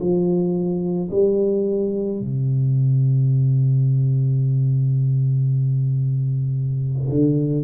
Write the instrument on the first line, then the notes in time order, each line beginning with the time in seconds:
tuba
0.00 F3
1.11 G3
2.19 C3
7.09 D3